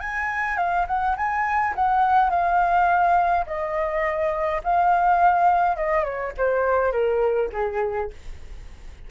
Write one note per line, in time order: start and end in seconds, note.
0.00 0.57 G#5
0.57 0.86 F5
0.87 1.16 F#5
1.17 1.75 G#5
1.75 2.30 F#5
2.30 3.45 F5
3.46 4.62 D#5
4.64 5.76 F5
5.76 6.04 D#5
6.04 6.33 C#5
6.38 6.92 C5
6.92 7.50 A#4
7.53 8.10 G#4